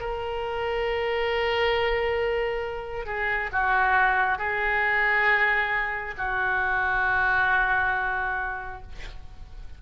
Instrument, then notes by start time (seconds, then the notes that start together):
oboe
0.00 A#4
3.06 G#4
3.52 F#4
4.38 G#4
6.18 F#4